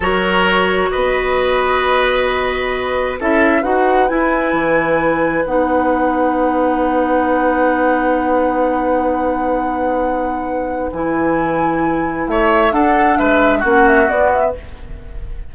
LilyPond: <<
  \new Staff \with { instrumentName = "flute" } { \time 4/4 \tempo 4 = 132 cis''2 dis''2~ | dis''2. e''4 | fis''4 gis''2. | fis''1~ |
fis''1~ | fis''1 | gis''2. e''4 | fis''4 e''4 fis''8 e''8 d''8 e''8 | }
  \new Staff \with { instrumentName = "oboe" } { \time 4/4 ais'2 b'2~ | b'2. a'4 | b'1~ | b'1~ |
b'1~ | b'1~ | b'2. cis''4 | a'4 b'4 fis'2 | }
  \new Staff \with { instrumentName = "clarinet" } { \time 4/4 fis'1~ | fis'2. e'4 | fis'4 e'2. | dis'1~ |
dis'1~ | dis'1 | e'1 | d'2 cis'4 b4 | }
  \new Staff \with { instrumentName = "bassoon" } { \time 4/4 fis2 b2~ | b2. cis'4 | dis'4 e'4 e2 | b1~ |
b1~ | b1 | e2. a4 | d'4 gis4 ais4 b4 | }
>>